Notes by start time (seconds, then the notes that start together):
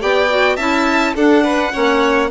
0.00 B3 G4 D5 G5
0.30 F#4
0.56 C#4 E4 E5 A5
1.15 D4 A4 F#5
1.44 B4
1.72 A#3 C#4 C#5